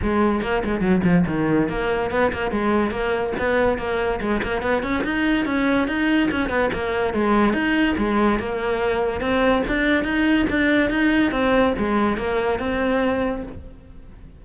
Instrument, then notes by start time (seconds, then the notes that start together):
cello
0.02 G#3
0.42 A#3
0.64 G#3
0.80 F#3
1.04 F3
1.26 D#3
1.69 A#3
2.11 B3
2.32 A#3
2.51 G#3
2.90 A#3
3.38 B3
3.77 A#3
4.20 G#3
4.43 A#3
4.62 B3
4.82 C#4
5.03 D#4
5.45 C#4
5.87 D#4
6.31 C#4
6.49 B3
6.73 A#3
7.13 G#3
7.53 D#4
7.97 G#3
8.39 A#3
9.21 C4
9.68 D4
10.04 D#4
10.49 D4
10.89 D#4
11.31 C4
11.78 G#3
12.17 A#3
12.59 C4